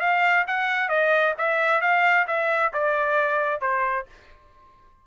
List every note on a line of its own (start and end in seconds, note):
0.00 0.45 F5
0.47 0.89 F#5
0.89 1.34 D#5
1.38 1.81 E5
1.81 2.26 F5
2.27 2.72 E5
2.73 3.61 D5
3.61 4.06 C5